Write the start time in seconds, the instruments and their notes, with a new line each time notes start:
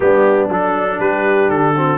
0.00 tuba G3, trombone B3, horn D4, trumpet G4
0.49 tuba F#3, trombone D4, trumpet A4
0.99 tuba G3, horn G4, trumpet B4
1.49 tuba D3, trumpet A4
1.75 trombone C4, horn F#4